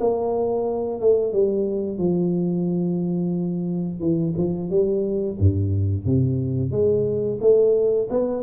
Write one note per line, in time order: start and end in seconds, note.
0.00 1.01 A#3
1.01 1.33 A3
1.33 1.98 G3
1.98 4.00 F3
4.00 4.34 E3
4.37 4.70 F3
4.70 5.37 G3
5.39 6.06 G2
6.06 6.71 C3
6.71 7.39 G#3
7.41 8.08 A3
8.10 8.42 B3